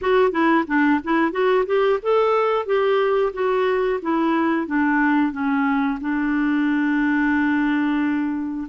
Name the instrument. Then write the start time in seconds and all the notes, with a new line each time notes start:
clarinet
0.01 F#4
0.31 E4
0.67 D4
1.03 E4
1.32 F#4
1.66 G4
2.02 A4
2.65 G4
3.33 F#4
4.02 E4
4.66 D4
5.32 C#4
6.01 D4